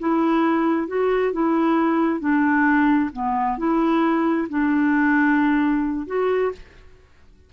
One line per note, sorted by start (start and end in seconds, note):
0.00 0.88 E4
0.88 1.33 F#4
1.33 2.20 E4
2.20 3.11 D4
3.13 3.58 B3
3.58 4.48 E4
4.50 6.07 D4
6.07 6.52 F#4